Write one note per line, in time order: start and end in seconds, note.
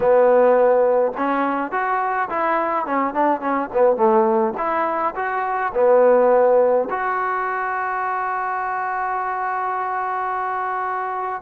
0.00 1.12 B3
1.17 1.71 C#4
1.71 2.28 F#4
2.29 2.85 E4
2.85 3.14 C#4
3.14 3.41 D4
3.41 3.69 C#4
3.73 3.96 B3
3.96 4.53 A3
4.57 5.14 E4
5.15 5.72 F#4
5.74 6.88 B3
6.90 11.42 F#4